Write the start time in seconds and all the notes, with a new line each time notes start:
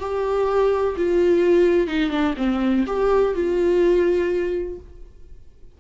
0.00 G4
0.97 F4
1.88 D#4
2.11 D4
2.37 C4
2.87 G4
3.35 F4